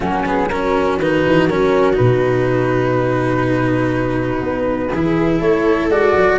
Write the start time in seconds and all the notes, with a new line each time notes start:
0.00 F#3 A#3 C#4 F#4
0.25 B3 G#4
0.49 C#4 F#4 A#4
0.97 D#3 D#4 B4
1.26 E3
1.47 F#3 C#4 A#4
1.93 D#4 B4
1.99 B2
4.40 B3
4.90 E3 E4 G#4
5.39 A3 A4 C#5
5.89 G#3 F#4 D5
6.16 F#3